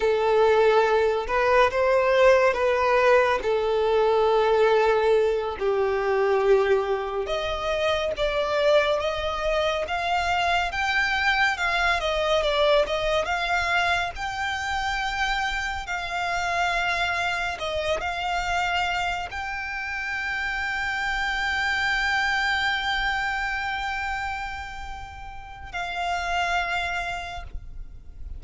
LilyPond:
\new Staff \with { instrumentName = "violin" } { \time 4/4 \tempo 4 = 70 a'4. b'8 c''4 b'4 | a'2~ a'8 g'4.~ | g'8 dis''4 d''4 dis''4 f''8~ | f''8 g''4 f''8 dis''8 d''8 dis''8 f''8~ |
f''8 g''2 f''4.~ | f''8 dis''8 f''4. g''4.~ | g''1~ | g''2 f''2 | }